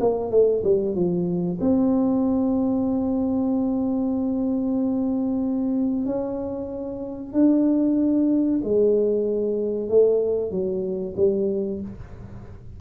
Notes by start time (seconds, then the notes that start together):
0.00 A#3
0.31 A3
0.64 G3
0.95 F3
1.60 C4
6.06 C#4
7.33 D4
8.64 G#3
9.89 A3
10.51 F#3
11.17 G3